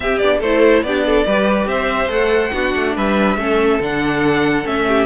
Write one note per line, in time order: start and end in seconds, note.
0.00 0.20 C4
0.00 0.21 C4
0.00 0.39 G4
0.00 0.18 E5
0.18 0.40 B3
0.18 0.43 D4
0.18 0.39 D5
0.39 0.82 A3
0.39 0.86 E4
0.39 0.81 A4
0.39 0.83 C5
0.82 1.25 B3
0.82 1.27 D4
0.82 1.06 G4
0.82 1.67 D5
1.06 1.26 A4
1.26 1.66 G3
1.26 2.08 G4
1.26 1.68 B4
1.66 2.08 C4
1.66 2.53 C5
1.66 2.10 E5
2.08 2.51 A3
2.08 2.50 A4
2.08 2.95 F#5
2.53 2.74 B3
2.53 3.37 D4
2.53 2.95 F#4
2.75 2.96 A3
2.95 3.36 G3
2.95 3.37 B4
2.95 3.81 E5
3.36 3.79 A3
3.36 3.80 C#4
3.36 4.87 A4
3.80 4.64 D3
3.80 4.64 D4
3.80 4.66 F#5
4.64 5.06 A3
4.64 5.06 C#4
4.64 5.06 E5
4.87 5.06 G4